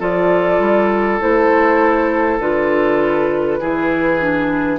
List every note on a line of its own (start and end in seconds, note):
0.00 0.59 F3
0.00 1.20 F4
0.00 3.60 A4
0.00 1.21 D5
0.59 1.20 G3
1.20 2.39 A3
1.20 2.40 E4
1.20 2.40 C5
2.39 3.59 D3
2.39 3.61 F4
2.39 4.79 B4
3.60 4.79 E3
3.60 4.21 E4
3.60 4.79 G#4
4.21 4.79 D4